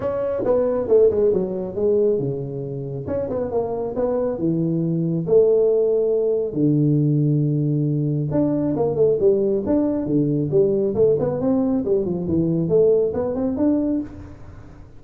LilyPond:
\new Staff \with { instrumentName = "tuba" } { \time 4/4 \tempo 4 = 137 cis'4 b4 a8 gis8 fis4 | gis4 cis2 cis'8 b8 | ais4 b4 e2 | a2. d4~ |
d2. d'4 | ais8 a8 g4 d'4 d4 | g4 a8 b8 c'4 g8 f8 | e4 a4 b8 c'8 d'4 | }